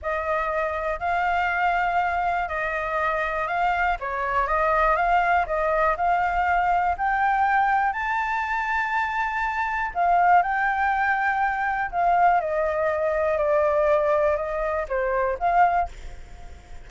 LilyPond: \new Staff \with { instrumentName = "flute" } { \time 4/4 \tempo 4 = 121 dis''2 f''2~ | f''4 dis''2 f''4 | cis''4 dis''4 f''4 dis''4 | f''2 g''2 |
a''1 | f''4 g''2. | f''4 dis''2 d''4~ | d''4 dis''4 c''4 f''4 | }